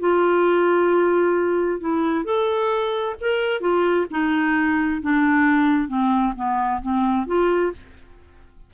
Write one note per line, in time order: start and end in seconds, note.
0.00 1.80 F4
1.80 2.25 E4
2.25 3.15 A4
3.21 3.61 A#4
3.61 4.06 F4
4.11 5.01 D#4
5.02 5.88 D4
5.88 6.33 C4
6.36 6.81 B3
6.82 7.26 C4
7.26 7.72 F4